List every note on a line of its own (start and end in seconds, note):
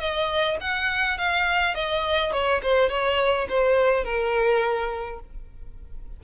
0.00 0.58 D#5
0.61 1.18 F#5
1.18 1.75 F5
1.75 2.33 D#5
2.33 2.61 C#5
2.63 2.90 C5
2.90 3.47 C#5
3.49 4.05 C5
4.05 5.20 A#4